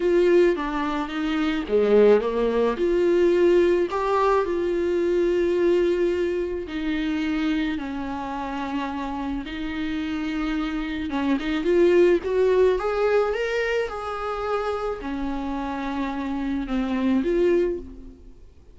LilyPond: \new Staff \with { instrumentName = "viola" } { \time 4/4 \tempo 4 = 108 f'4 d'4 dis'4 gis4 | ais4 f'2 g'4 | f'1 | dis'2 cis'2~ |
cis'4 dis'2. | cis'8 dis'8 f'4 fis'4 gis'4 | ais'4 gis'2 cis'4~ | cis'2 c'4 f'4 | }